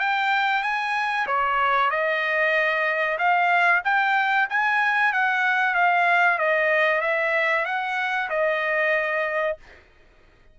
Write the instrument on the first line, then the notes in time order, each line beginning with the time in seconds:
trumpet
0.00 G5
0.63 G#5
1.27 C#5
1.91 D#5
3.19 F5
3.85 G5
4.50 G#5
5.13 F#5
5.75 F5
6.39 D#5
7.02 E5
7.66 F#5
8.30 D#5